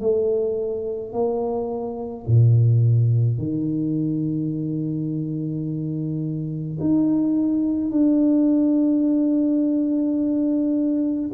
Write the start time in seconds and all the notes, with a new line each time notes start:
0.00 A3
1.13 A#3
2.26 A#2
3.38 D#3
6.80 D#4
7.90 D4